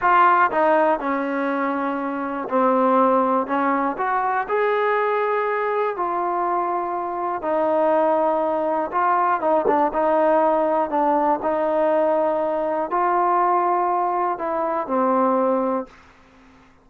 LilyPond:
\new Staff \with { instrumentName = "trombone" } { \time 4/4 \tempo 4 = 121 f'4 dis'4 cis'2~ | cis'4 c'2 cis'4 | fis'4 gis'2. | f'2. dis'4~ |
dis'2 f'4 dis'8 d'8 | dis'2 d'4 dis'4~ | dis'2 f'2~ | f'4 e'4 c'2 | }